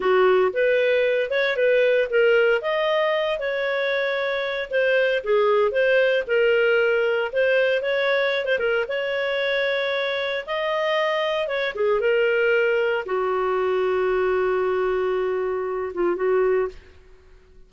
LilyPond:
\new Staff \with { instrumentName = "clarinet" } { \time 4/4 \tempo 4 = 115 fis'4 b'4. cis''8 b'4 | ais'4 dis''4. cis''4.~ | cis''4 c''4 gis'4 c''4 | ais'2 c''4 cis''4~ |
cis''16 c''16 ais'8 cis''2. | dis''2 cis''8 gis'8 ais'4~ | ais'4 fis'2.~ | fis'2~ fis'8 f'8 fis'4 | }